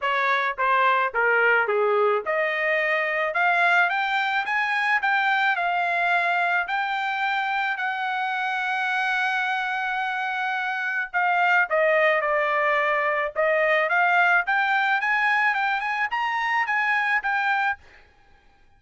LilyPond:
\new Staff \with { instrumentName = "trumpet" } { \time 4/4 \tempo 4 = 108 cis''4 c''4 ais'4 gis'4 | dis''2 f''4 g''4 | gis''4 g''4 f''2 | g''2 fis''2~ |
fis''1 | f''4 dis''4 d''2 | dis''4 f''4 g''4 gis''4 | g''8 gis''8 ais''4 gis''4 g''4 | }